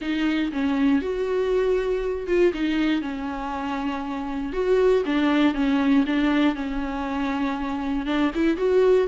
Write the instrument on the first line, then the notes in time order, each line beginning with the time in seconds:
viola
0.01 D#4
0.52 C#4
1.01 F#4
2.27 F4
2.53 D#4
3.01 C#4
4.52 F#4
5.05 D4
5.54 C#4
6.06 D4
6.55 C#4
8.06 D4
8.34 E4
8.57 F#4